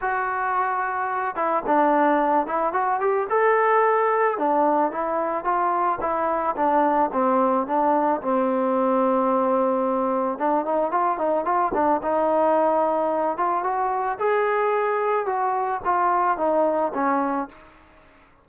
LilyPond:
\new Staff \with { instrumentName = "trombone" } { \time 4/4 \tempo 4 = 110 fis'2~ fis'8 e'8 d'4~ | d'8 e'8 fis'8 g'8 a'2 | d'4 e'4 f'4 e'4 | d'4 c'4 d'4 c'4~ |
c'2. d'8 dis'8 | f'8 dis'8 f'8 d'8 dis'2~ | dis'8 f'8 fis'4 gis'2 | fis'4 f'4 dis'4 cis'4 | }